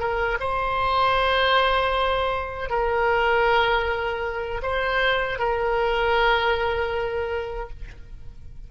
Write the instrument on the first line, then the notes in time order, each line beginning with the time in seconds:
oboe
0.00 A#4
0.40 C5
2.70 A#4
4.63 C5
5.39 A#4